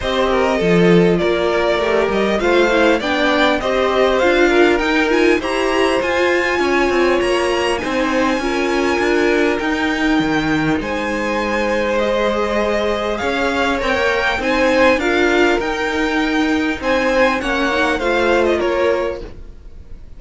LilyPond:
<<
  \new Staff \with { instrumentName = "violin" } { \time 4/4 \tempo 4 = 100 dis''2 d''4. dis''8 | f''4 g''4 dis''4 f''4 | g''8 gis''8 ais''4 gis''2 | ais''4 gis''2. |
g''2 gis''2 | dis''2 f''4 g''4 | gis''4 f''4 g''2 | gis''4 fis''4 f''8. dis''16 cis''4 | }
  \new Staff \with { instrumentName = "violin" } { \time 4/4 c''8 ais'8 a'4 ais'2 | c''4 d''4 c''4. ais'8~ | ais'4 c''2 cis''4~ | cis''4 c''4 ais'2~ |
ais'2 c''2~ | c''2 cis''2 | c''4 ais'2. | c''4 cis''4 c''4 ais'4 | }
  \new Staff \with { instrumentName = "viola" } { \time 4/4 g'4 f'2 g'4 | f'8 e'8 d'4 g'4 f'4 | dis'8 f'8 g'4 f'2~ | f'4 dis'4 f'2 |
dis'1 | gis'2. ais'4 | dis'4 f'4 dis'2~ | dis'4 cis'8 dis'8 f'2 | }
  \new Staff \with { instrumentName = "cello" } { \time 4/4 c'4 f4 ais4 a8 g8 | a4 b4 c'4 d'4 | dis'4 e'4 f'4 cis'8 c'8 | ais4 c'4 cis'4 d'4 |
dis'4 dis4 gis2~ | gis2 cis'4 c'16 ais8. | c'4 d'4 dis'2 | c'4 ais4 a4 ais4 | }
>>